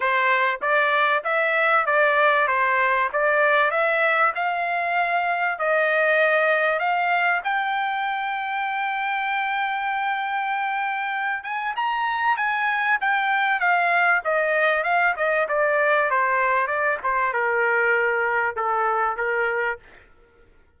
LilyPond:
\new Staff \with { instrumentName = "trumpet" } { \time 4/4 \tempo 4 = 97 c''4 d''4 e''4 d''4 | c''4 d''4 e''4 f''4~ | f''4 dis''2 f''4 | g''1~ |
g''2~ g''8 gis''8 ais''4 | gis''4 g''4 f''4 dis''4 | f''8 dis''8 d''4 c''4 d''8 c''8 | ais'2 a'4 ais'4 | }